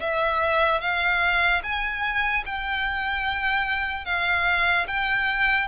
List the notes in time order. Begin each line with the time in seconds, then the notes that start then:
0.00 E5
0.81 F5
1.63 G#5
2.45 G5
4.05 F5
4.87 G5